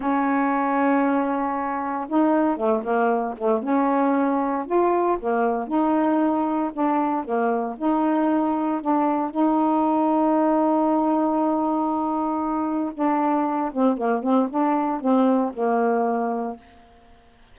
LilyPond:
\new Staff \with { instrumentName = "saxophone" } { \time 4/4 \tempo 4 = 116 cis'1 | dis'4 a8 ais4 a8 cis'4~ | cis'4 f'4 ais4 dis'4~ | dis'4 d'4 ais4 dis'4~ |
dis'4 d'4 dis'2~ | dis'1~ | dis'4 d'4. c'8 ais8 c'8 | d'4 c'4 ais2 | }